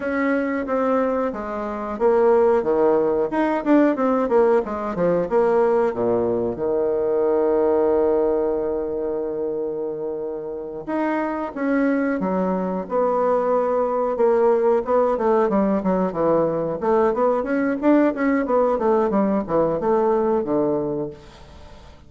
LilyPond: \new Staff \with { instrumentName = "bassoon" } { \time 4/4 \tempo 4 = 91 cis'4 c'4 gis4 ais4 | dis4 dis'8 d'8 c'8 ais8 gis8 f8 | ais4 ais,4 dis2~ | dis1~ |
dis8 dis'4 cis'4 fis4 b8~ | b4. ais4 b8 a8 g8 | fis8 e4 a8 b8 cis'8 d'8 cis'8 | b8 a8 g8 e8 a4 d4 | }